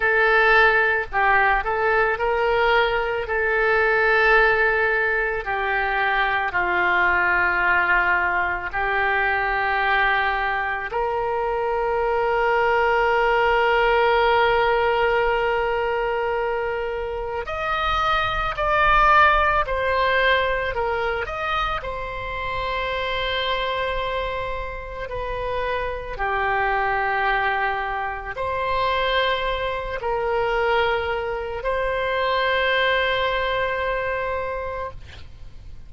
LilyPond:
\new Staff \with { instrumentName = "oboe" } { \time 4/4 \tempo 4 = 55 a'4 g'8 a'8 ais'4 a'4~ | a'4 g'4 f'2 | g'2 ais'2~ | ais'1 |
dis''4 d''4 c''4 ais'8 dis''8 | c''2. b'4 | g'2 c''4. ais'8~ | ais'4 c''2. | }